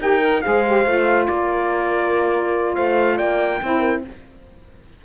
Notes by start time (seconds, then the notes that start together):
0.00 D#4 G4 A#4 G5
0.20 A#4
0.42 G#3 G#4 C5 F5
0.67 G4
0.85 A3 F4
1.28 A#3 A#4 D5
2.75 A3 C5 F5
3.16 A#3 D5 G5
3.62 C4 E4 C5
3.80 A#4